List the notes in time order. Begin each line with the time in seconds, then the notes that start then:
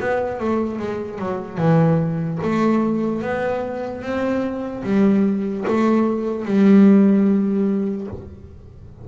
0.00 B3
0.40 A3
0.79 G#3
1.18 F#3
1.57 E3
2.42 A3
3.21 B3
4.02 C4
4.84 G3
5.67 A3
6.45 G3